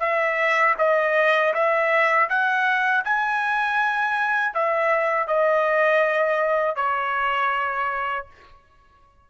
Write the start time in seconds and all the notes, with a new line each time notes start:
0.00 E5
0.79 D#5
1.54 E5
2.30 F#5
3.05 G#5
4.54 E5
5.28 D#5
6.76 C#5